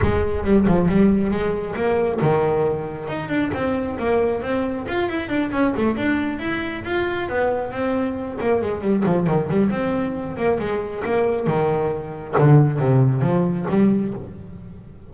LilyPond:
\new Staff \with { instrumentName = "double bass" } { \time 4/4 \tempo 4 = 136 gis4 g8 f8 g4 gis4 | ais4 dis2 dis'8 d'8 | c'4 ais4 c'4 f'8 e'8 | d'8 cis'8 a8 d'4 e'4 f'8~ |
f'8 b4 c'4. ais8 gis8 | g8 f8 dis8 g8 c'4. ais8 | gis4 ais4 dis2 | d4 c4 f4 g4 | }